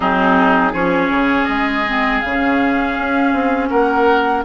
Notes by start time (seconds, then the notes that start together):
0.00 F#3 C4 D#4 G#4
0.72 F3 C#4 G#4 C#5
1.10 C#3
1.45 G#3 D#5
1.87 C4
2.20 C#3 C#4 F5
2.98 C#4
3.33 C4
3.69 A#3 A#4 F#5